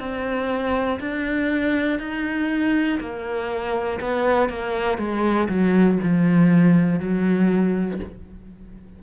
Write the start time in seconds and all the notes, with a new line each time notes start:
0.00 C4
1.00 D4
2.00 D#4
3.00 A#3
4.00 B3
4.50 A#3
4.98 G#3
5.49 F#3
6.03 F3
7.00 F#3